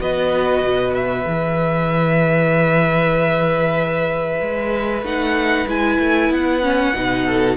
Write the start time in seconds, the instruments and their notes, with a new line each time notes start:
0.00 cello B3, viola F#4, violin B4 D#5
0.64 cello B2
0.94 violin E5
1.26 cello E3, viola G#4
4.41 cello G#3
5.02 cello A3, viola D#4, violin F#5
5.67 cello G#3, viola E4, violin G#5
6.00 cello A3
6.30 cello B3, violin F#5
6.63 viola C#4
6.94 cello B2, viola D#4
7.26 violin A4